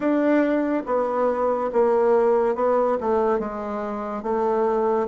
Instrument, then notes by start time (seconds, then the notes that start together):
bassoon
0.00 D4
0.86 B3
1.72 A#3
2.55 B3
3.00 A3
3.39 G#3
4.23 A3